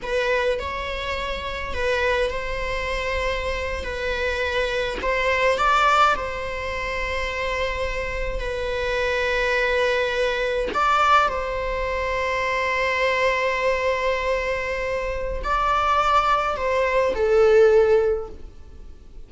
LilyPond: \new Staff \with { instrumentName = "viola" } { \time 4/4 \tempo 4 = 105 b'4 cis''2 b'4 | c''2~ c''8. b'4~ b'16~ | b'8. c''4 d''4 c''4~ c''16~ | c''2~ c''8. b'4~ b'16~ |
b'2~ b'8. d''4 c''16~ | c''1~ | c''2. d''4~ | d''4 c''4 a'2 | }